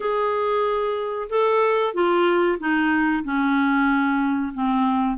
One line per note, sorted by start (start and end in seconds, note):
0.00 1.28 G#4
1.29 1.94 A4
1.94 2.58 F4
2.59 3.23 D#4
3.24 4.53 C#4
4.54 5.17 C4